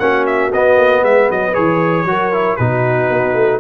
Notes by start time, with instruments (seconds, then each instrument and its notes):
0.00 tuba A#3, trombone C#4, horn F#4, trumpet F#5
0.27 trumpet E5
0.53 tuba B3, trombone B3, trumpet D#5
0.77 tuba A#3
1.03 tuba G#3, horn B4, trumpet E5
1.31 tuba F#3, trumpet D#5
1.54 tuba E3, trombone G#4, trumpet C#5
2.05 tuba F#3, trombone F#4, horn A#4
2.33 trombone E4
2.57 tuba B2, trombone D#4, horn F#4, trumpet B4
3.10 tuba B3
3.34 tuba A3